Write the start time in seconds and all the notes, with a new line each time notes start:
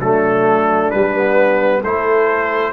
0.00 F#3 A3 D4 A4
0.91 G3 B4
1.15 B3
1.82 A3 E4 A4 C5